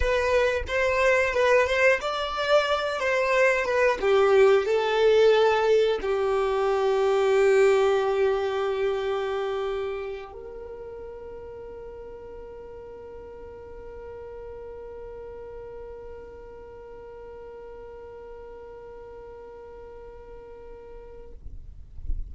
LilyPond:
\new Staff \with { instrumentName = "violin" } { \time 4/4 \tempo 4 = 90 b'4 c''4 b'8 c''8 d''4~ | d''8 c''4 b'8 g'4 a'4~ | a'4 g'2.~ | g'2.~ g'8 ais'8~ |
ais'1~ | ais'1~ | ais'1~ | ais'1 | }